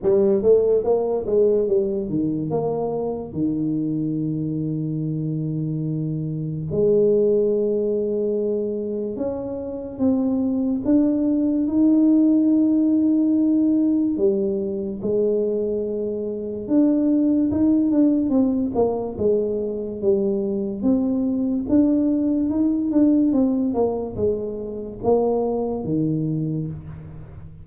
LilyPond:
\new Staff \with { instrumentName = "tuba" } { \time 4/4 \tempo 4 = 72 g8 a8 ais8 gis8 g8 dis8 ais4 | dis1 | gis2. cis'4 | c'4 d'4 dis'2~ |
dis'4 g4 gis2 | d'4 dis'8 d'8 c'8 ais8 gis4 | g4 c'4 d'4 dis'8 d'8 | c'8 ais8 gis4 ais4 dis4 | }